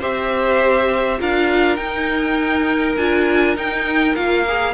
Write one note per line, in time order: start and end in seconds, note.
0.00 1.21 C4
0.00 1.19 G4
0.00 1.19 C5
0.00 1.21 E5
1.19 1.78 D4
1.19 1.78 F4
1.19 4.74 A#4
1.19 1.77 F5
1.77 2.97 D#4
1.77 2.98 D#4
1.77 2.96 G5
2.97 3.57 D4
2.97 3.56 F4
2.97 3.56 G#5
3.56 4.15 D#4
3.56 4.16 D#4
3.56 4.16 G5
4.16 4.74 A#3
4.16 4.46 F4
4.16 4.74 F5
4.48 4.74 G#4